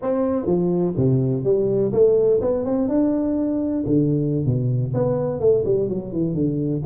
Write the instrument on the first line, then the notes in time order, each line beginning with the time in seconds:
tuba
0.01 C4
0.46 F3
0.96 C3
1.44 G3
1.92 A3
2.41 B3
2.65 C4
2.88 D4
3.86 D3
4.45 B2
4.94 B3
5.40 A3
5.65 G3
5.88 F#3
6.12 E3
6.34 D3